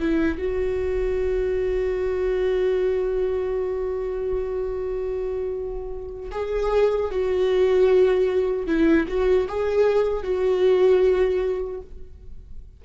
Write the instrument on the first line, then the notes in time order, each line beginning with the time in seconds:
viola
0.00 E4
0.38 F#4
6.32 G#4
7.11 F#4
8.67 E4
9.08 F#4
9.48 G#4
10.23 F#4